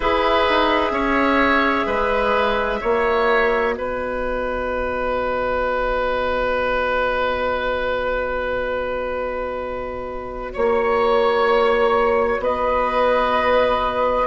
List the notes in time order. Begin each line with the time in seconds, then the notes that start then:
0.00 E4 G#4 B4 E5
0.49 D#4
0.90 C#4 C#5
1.86 G#3 B4
2.80 A#3 F#4 C#5
3.74 B3 B4 D#5
10.53 A#3 C#5
12.39 B3 B4 D#5